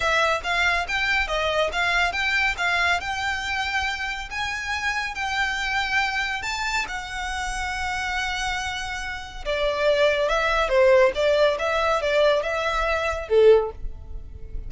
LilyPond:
\new Staff \with { instrumentName = "violin" } { \time 4/4 \tempo 4 = 140 e''4 f''4 g''4 dis''4 | f''4 g''4 f''4 g''4~ | g''2 gis''2 | g''2. a''4 |
fis''1~ | fis''2 d''2 | e''4 c''4 d''4 e''4 | d''4 e''2 a'4 | }